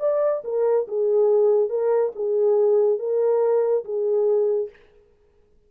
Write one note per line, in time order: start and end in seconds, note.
0.00 0.42 D5
0.44 0.87 A#4
0.88 1.69 G#4
1.69 2.12 A#4
2.15 2.99 G#4
2.99 3.84 A#4
3.84 4.69 G#4